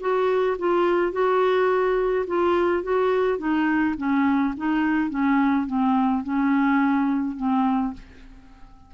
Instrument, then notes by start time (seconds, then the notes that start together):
clarinet
0.00 F#4
0.58 F4
1.12 F#4
2.27 F4
2.83 F#4
3.38 D#4
3.97 C#4
4.57 D#4
5.10 C#4
5.66 C4
6.23 C#4
7.36 C4